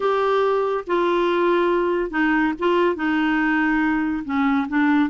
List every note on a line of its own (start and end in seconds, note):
0.00 0.84 G4
0.86 2.10 F4
2.10 2.53 D#4
2.59 2.95 F4
2.95 4.23 D#4
4.24 4.67 C#4
4.68 5.09 D4